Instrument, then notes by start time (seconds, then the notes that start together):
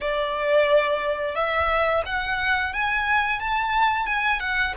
violin
0.01 D5
1.35 E5
2.05 F#5
2.73 G#5
3.40 A5
4.06 G#5
4.39 F#5